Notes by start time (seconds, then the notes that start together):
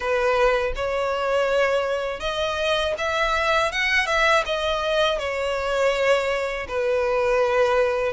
0.00 B4
0.75 C#5
2.20 D#5
2.98 E5
3.71 F#5
4.06 E5
4.45 D#5
5.19 C#5
6.68 B4